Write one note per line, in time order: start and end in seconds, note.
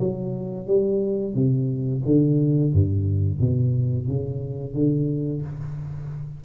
0.00 0.67 F#3
0.67 1.35 G3
1.35 2.03 C3
2.06 2.73 D3
2.73 3.40 G2
3.40 4.08 B2
4.08 4.74 C#3
4.74 5.43 D3